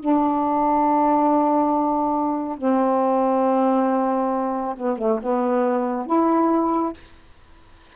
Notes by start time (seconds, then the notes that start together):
0.00 D4
2.58 C4
4.77 B3
4.98 A3
5.23 B3
6.07 E4